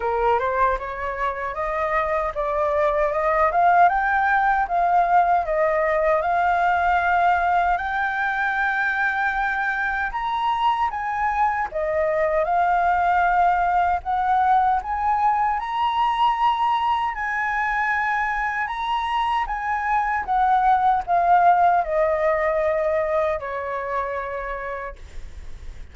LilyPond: \new Staff \with { instrumentName = "flute" } { \time 4/4 \tempo 4 = 77 ais'8 c''8 cis''4 dis''4 d''4 | dis''8 f''8 g''4 f''4 dis''4 | f''2 g''2~ | g''4 ais''4 gis''4 dis''4 |
f''2 fis''4 gis''4 | ais''2 gis''2 | ais''4 gis''4 fis''4 f''4 | dis''2 cis''2 | }